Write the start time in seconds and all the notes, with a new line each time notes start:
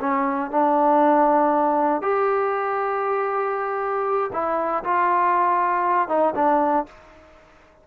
0.00 C#4
0.51 D4
2.02 G4
4.33 E4
4.84 F4
6.08 D#4
6.35 D4